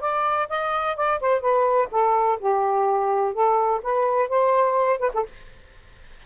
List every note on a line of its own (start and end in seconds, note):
0.00 0.48 D5
0.49 0.96 D#5
0.96 1.20 D5
1.20 1.41 C5
1.41 1.88 B4
1.91 2.39 A4
2.40 3.34 G4
3.34 3.81 A4
3.82 4.29 B4
4.29 4.99 C5
4.99 5.11 B4
5.14 5.26 A4